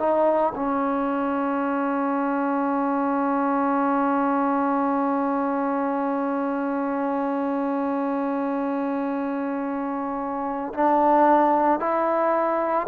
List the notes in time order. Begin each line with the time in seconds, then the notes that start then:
0.00 D#4
0.56 C#4
10.74 D4
11.80 E4